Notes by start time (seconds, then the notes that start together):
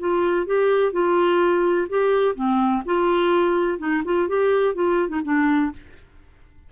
0.00 F4
0.47 G4
0.93 F4
1.89 G4
2.35 C4
2.86 F4
3.79 D#4
4.05 F4
4.29 G4
4.75 F4
5.09 D#4
5.24 D4